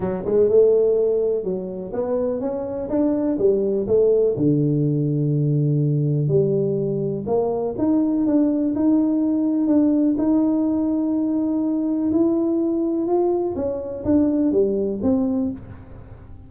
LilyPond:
\new Staff \with { instrumentName = "tuba" } { \time 4/4 \tempo 4 = 124 fis8 gis8 a2 fis4 | b4 cis'4 d'4 g4 | a4 d2.~ | d4 g2 ais4 |
dis'4 d'4 dis'2 | d'4 dis'2.~ | dis'4 e'2 f'4 | cis'4 d'4 g4 c'4 | }